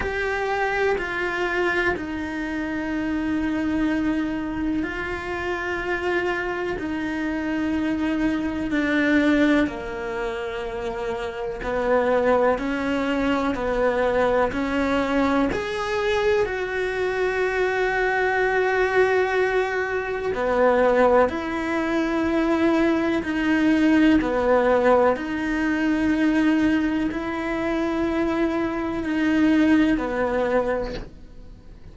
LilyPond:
\new Staff \with { instrumentName = "cello" } { \time 4/4 \tempo 4 = 62 g'4 f'4 dis'2~ | dis'4 f'2 dis'4~ | dis'4 d'4 ais2 | b4 cis'4 b4 cis'4 |
gis'4 fis'2.~ | fis'4 b4 e'2 | dis'4 b4 dis'2 | e'2 dis'4 b4 | }